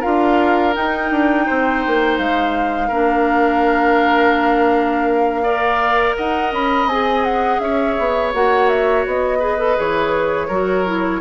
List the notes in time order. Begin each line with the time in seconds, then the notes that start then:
0.00 D4 F4 A#4 F5
0.74 D#4 G5
1.11 D4
1.47 C4 C5
1.87 A#3
2.18 G#3 F5
2.88 A#3 D4 A#4
5.44 A#4 D5
6.17 D#4 D#5 F#5
6.52 C#4 B5
6.86 C4 G#4 G#5
7.24 F#5
7.60 C#4 C#5 E5
7.99 B3
8.34 A#3 F#4 F#5
8.69 E5
9.06 B3 D#5
9.39 G#4 B4
9.59 A4
9.77 E3 G#4 C#5
10.48 F#3 F#4 A#4
10.86 E4